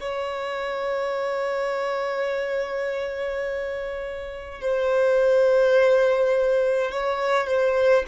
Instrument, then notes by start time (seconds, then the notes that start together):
violin
0.00 C#5
4.62 C5
6.91 C#5
7.47 C5